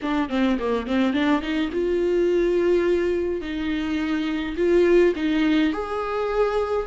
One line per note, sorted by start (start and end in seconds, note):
0.02 0.29 D4
0.29 0.57 C4
0.59 0.86 A#3
0.86 1.13 C4
1.13 1.41 D4
1.41 1.70 D#4
1.72 3.41 F4
3.41 4.55 D#4
4.57 5.14 F4
5.15 5.72 D#4
5.72 6.86 G#4